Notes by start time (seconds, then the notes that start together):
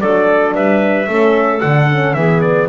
0.00 F#3 D4 A4 D5
0.54 G3 B4 E5
1.07 A3 C#4 A4
1.60 D3 D4 F#5
1.90 C#4
2.14 E3 B3 G#4 E5
2.41 D5